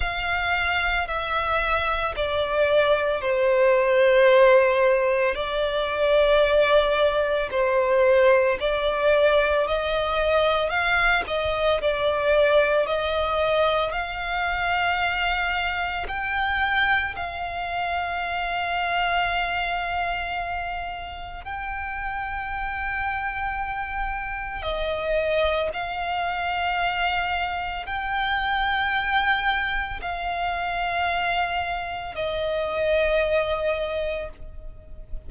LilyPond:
\new Staff \with { instrumentName = "violin" } { \time 4/4 \tempo 4 = 56 f''4 e''4 d''4 c''4~ | c''4 d''2 c''4 | d''4 dis''4 f''8 dis''8 d''4 | dis''4 f''2 g''4 |
f''1 | g''2. dis''4 | f''2 g''2 | f''2 dis''2 | }